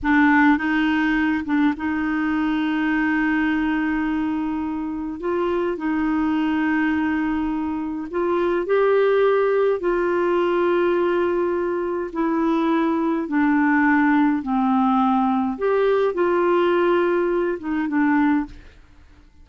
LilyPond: \new Staff \with { instrumentName = "clarinet" } { \time 4/4 \tempo 4 = 104 d'4 dis'4. d'8 dis'4~ | dis'1~ | dis'4 f'4 dis'2~ | dis'2 f'4 g'4~ |
g'4 f'2.~ | f'4 e'2 d'4~ | d'4 c'2 g'4 | f'2~ f'8 dis'8 d'4 | }